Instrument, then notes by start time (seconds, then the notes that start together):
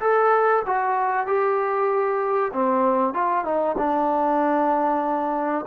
trombone
0.00 A4
0.65 F#4
1.26 G4
2.53 C4
3.14 F4
3.44 D#4
3.78 D4